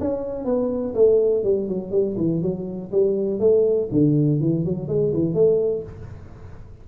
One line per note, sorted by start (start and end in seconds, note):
0.00 0.45 C#4
0.45 0.94 B3
0.94 1.44 A3
1.44 1.68 G3
1.68 1.91 F#3
1.91 2.16 G3
2.17 2.42 E3
2.42 2.91 F#3
2.92 3.40 G3
3.40 3.89 A3
3.92 4.40 D3
4.40 4.65 E3
4.65 4.88 F#3
4.88 5.12 G#3
5.13 5.34 E3
5.34 5.83 A3